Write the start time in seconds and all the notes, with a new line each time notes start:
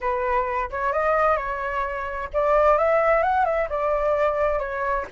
0.00 B4
0.70 C#5
0.93 D#5
1.36 C#5
2.33 D5
2.77 E5
3.23 F#5
3.45 E5
3.69 D5
4.59 C#5